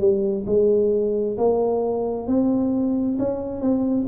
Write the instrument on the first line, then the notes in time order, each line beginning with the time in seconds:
tuba
0.00 G3
0.47 G#3
1.38 A#3
2.28 C4
3.19 C#4
3.62 C4